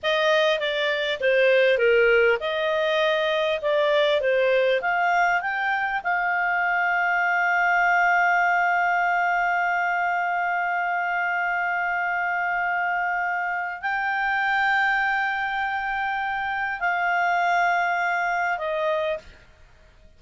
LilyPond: \new Staff \with { instrumentName = "clarinet" } { \time 4/4 \tempo 4 = 100 dis''4 d''4 c''4 ais'4 | dis''2 d''4 c''4 | f''4 g''4 f''2~ | f''1~ |
f''1~ | f''2. g''4~ | g''1 | f''2. dis''4 | }